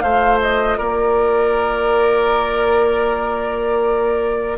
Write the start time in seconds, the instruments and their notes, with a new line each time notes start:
0.00 bassoon A3, clarinet F4, oboe C5, flute F5
0.41 flute D#5
0.77 bassoon A#3, oboe A#4, flute D5